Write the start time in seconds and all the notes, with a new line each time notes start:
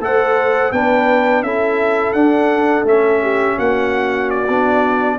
0.00 A3 A4 C5 F#5
0.72 B3 D4 B4 G5
1.42 C#4 E4 A4 E5
2.13 D4 F#5
2.84 A3 C#4 E5
3.23 G4
3.57 A#3 F#4 F#5
4.30 D5
4.48 B3 D4